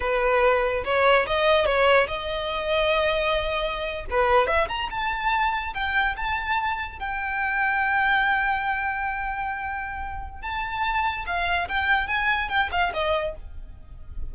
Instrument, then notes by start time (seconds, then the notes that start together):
violin
0.00 B4
0.84 C#5
1.26 D#5
1.65 C#5
2.07 D#5
4.10 B4
4.47 E5
4.68 A#5
4.90 A5
5.74 G5
6.16 A5
6.99 G5
10.42 A5
11.26 F5
11.68 G5
12.07 G#5
12.48 G5
12.71 F5
12.93 D#5